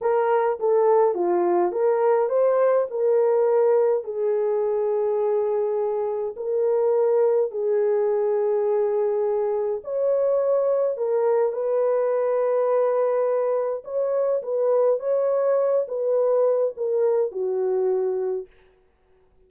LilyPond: \new Staff \with { instrumentName = "horn" } { \time 4/4 \tempo 4 = 104 ais'4 a'4 f'4 ais'4 | c''4 ais'2 gis'4~ | gis'2. ais'4~ | ais'4 gis'2.~ |
gis'4 cis''2 ais'4 | b'1 | cis''4 b'4 cis''4. b'8~ | b'4 ais'4 fis'2 | }